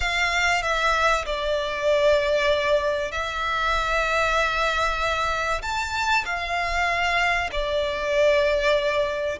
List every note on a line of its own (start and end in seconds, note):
0.00 0.62 F5
0.62 1.25 E5
1.25 3.11 D5
3.11 5.61 E5
5.61 6.24 A5
6.25 7.50 F5
7.51 9.39 D5